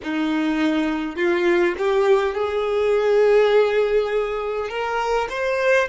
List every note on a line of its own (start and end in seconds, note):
0.03 1.16 D#4
1.16 1.74 F4
1.78 2.34 G4
2.34 4.69 G#4
4.69 5.28 A#4
5.29 5.88 C5